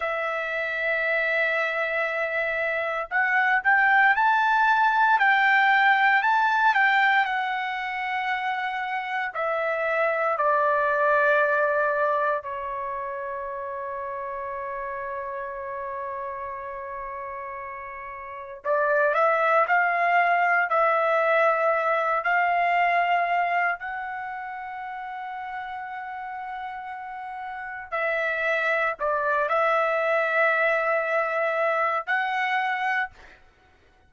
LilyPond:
\new Staff \with { instrumentName = "trumpet" } { \time 4/4 \tempo 4 = 58 e''2. fis''8 g''8 | a''4 g''4 a''8 g''8 fis''4~ | fis''4 e''4 d''2 | cis''1~ |
cis''2 d''8 e''8 f''4 | e''4. f''4. fis''4~ | fis''2. e''4 | d''8 e''2~ e''8 fis''4 | }